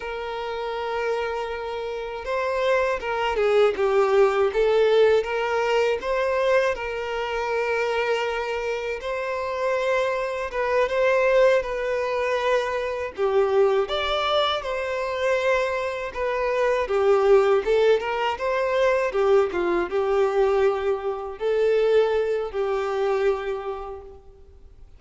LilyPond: \new Staff \with { instrumentName = "violin" } { \time 4/4 \tempo 4 = 80 ais'2. c''4 | ais'8 gis'8 g'4 a'4 ais'4 | c''4 ais'2. | c''2 b'8 c''4 b'8~ |
b'4. g'4 d''4 c''8~ | c''4. b'4 g'4 a'8 | ais'8 c''4 g'8 f'8 g'4.~ | g'8 a'4. g'2 | }